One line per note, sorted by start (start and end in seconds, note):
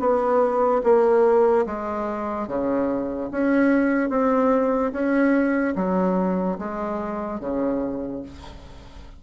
0.00 0.82 B3
0.84 1.66 A#3
1.67 2.48 G#3
2.48 3.30 C#3
3.32 4.10 C#4
4.10 4.92 C4
4.93 5.75 C#4
5.76 6.59 F#3
6.59 7.41 G#3
7.41 8.23 C#3